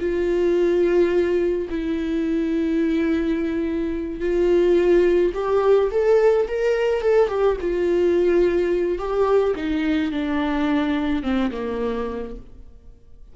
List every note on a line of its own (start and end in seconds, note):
0.00 1.68 F4
1.70 4.21 E4
4.21 5.33 F4
5.34 5.90 G4
5.92 6.48 A4
6.48 7.01 A#4
7.01 7.29 A4
7.29 7.57 G4
7.61 8.99 F4
8.99 9.55 G4
9.56 10.12 D#4
10.12 11.23 D4
11.23 11.51 C4
11.52 12.36 A#3